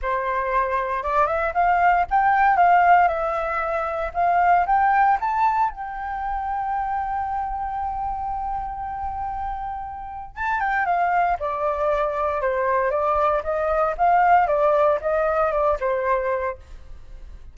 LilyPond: \new Staff \with { instrumentName = "flute" } { \time 4/4 \tempo 4 = 116 c''2 d''8 e''8 f''4 | g''4 f''4 e''2 | f''4 g''4 a''4 g''4~ | g''1~ |
g''1 | a''8 g''8 f''4 d''2 | c''4 d''4 dis''4 f''4 | d''4 dis''4 d''8 c''4. | }